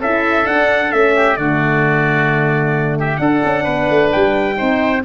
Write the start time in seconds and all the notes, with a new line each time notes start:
0.00 C#4 E4 A4 E5
0.44 D4 F#5
0.92 A3 C#4 E5
1.15 G4
1.37 D3 A3 F#4 D5
2.99 G4 E5
3.17 D4 A4 F#5
3.45 C#4
3.64 B3 B4
3.90 A3
4.12 G3 G5
4.55 D#4 C5
4.61 C4